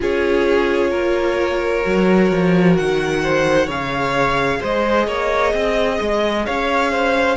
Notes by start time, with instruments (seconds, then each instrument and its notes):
0.00 cello C#4, viola F4, violin G#4 C#5
0.90 cello A#3, violin A#4
1.82 cello F#3, viola F#4
2.31 cello F3
2.76 cello D#3, violin F#5
3.23 violin C5
3.66 cello C#3, viola G#4, violin C#5 F5
4.60 cello G#3, violin C5 D#5
5.07 cello A#3, violin C#5
5.53 cello C4, violin D#5
6.00 cello G#3
6.46 cello C#4, violin C#5 F5
6.91 violin C5